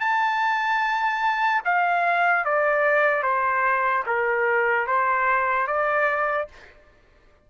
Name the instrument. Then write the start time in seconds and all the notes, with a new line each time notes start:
trumpet
0.00 A5
1.65 F5
2.45 D5
3.22 C5
4.06 A#4
4.87 C5
5.67 D5